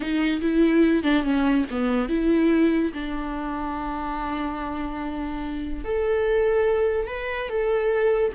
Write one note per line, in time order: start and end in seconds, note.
0.00 0.41 D#4
0.41 1.03 E4
1.03 1.23 D4
1.23 1.65 C#4
1.70 2.09 B3
2.09 2.92 E4
2.93 5.84 D4
5.84 7.07 A4
7.07 7.49 B4
7.49 8.32 A4